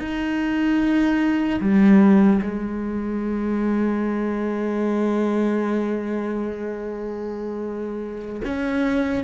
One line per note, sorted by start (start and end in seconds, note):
0.00 1.60 D#4
1.61 2.41 G3
2.42 8.42 G#3
8.44 9.24 C#4